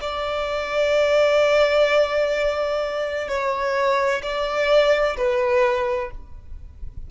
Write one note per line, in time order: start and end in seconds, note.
0.00 3.28 D5
3.28 4.21 C#5
4.22 5.16 D5
5.16 6.10 B4